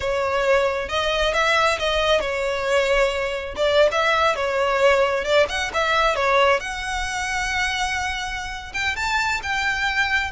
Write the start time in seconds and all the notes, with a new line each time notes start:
0.00 C#5
0.88 D#5
1.33 E5
1.78 D#5
2.20 C#5
3.56 D5
3.91 E5
4.35 C#5
5.24 D5
5.49 F#5
5.73 E5
6.15 C#5
6.59 F#5
8.73 G5
8.96 A5
9.42 G5